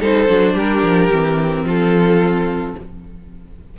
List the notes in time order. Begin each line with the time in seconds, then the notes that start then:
0.00 G3 D#4 A4 C5
0.28 F#3 D4
0.54 G3 G4 A#4
0.83 F3
1.10 E3 C4
1.64 F3 F4 A4